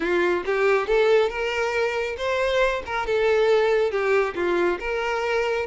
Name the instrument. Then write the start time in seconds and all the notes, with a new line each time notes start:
violin
0.00 F4
0.45 G4
0.87 A4
1.29 A#4
2.17 C5
2.86 A#4
3.06 A4
3.91 G4
4.35 F4
4.79 A#4